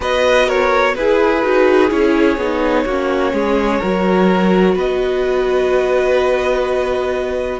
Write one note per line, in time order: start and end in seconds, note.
0.00 0.95 B3
0.00 0.97 F#4
0.00 0.46 B4
0.00 0.48 D#5
0.46 0.94 A#4
0.46 0.94 C#5
0.94 1.43 E4
0.94 1.42 G#4
0.94 2.85 G#4
0.94 1.89 B4
1.42 1.91 D#4
1.42 1.89 F#4
1.89 2.37 C#4
1.89 2.37 E4
1.89 4.76 C#5
2.37 2.84 B3
2.37 2.88 D#4
2.85 3.32 A#3
2.85 3.81 C#4
2.85 3.32 F#4
3.32 3.80 G#3
3.32 3.79 G#4
3.79 4.75 F#3
3.79 7.60 F#4
3.79 4.74 A#4
4.74 7.60 B3
4.74 7.60 B4
4.74 7.60 D#5